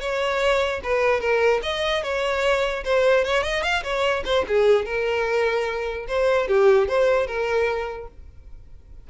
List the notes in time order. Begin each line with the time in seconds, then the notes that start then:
0.00 C#5
0.83 B4
1.20 A#4
1.63 D#5
2.03 C#5
2.84 C5
3.25 C#5
3.43 D#5
3.63 F5
3.83 C#5
4.25 C5
4.48 G#4
4.86 A#4
6.08 C5
6.48 G4
6.88 C5
7.27 A#4